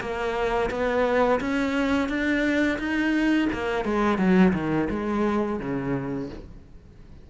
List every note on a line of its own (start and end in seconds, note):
0.00 0.70 A#3
0.70 1.40 B3
1.40 2.08 C#4
2.08 2.78 D4
2.78 3.48 D#4
3.52 3.84 A#3
3.84 4.18 G#3
4.18 4.53 F#3
4.53 4.88 D#3
4.90 5.59 G#3
5.59 6.29 C#3